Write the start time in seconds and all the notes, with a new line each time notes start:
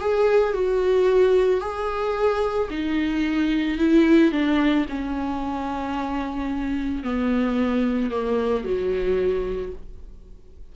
0.00 G#4
0.53 F#4
1.60 G#4
2.70 D#4
3.78 E4
4.32 D4
4.89 C#4
7.03 B3
8.10 A#3
8.64 F#3